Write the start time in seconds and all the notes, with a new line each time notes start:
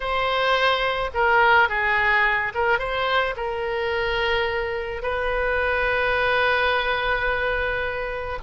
0.00 C5
1.13 A#4
1.68 G#4
2.54 A#4
2.78 C5
3.36 A#4
5.02 B4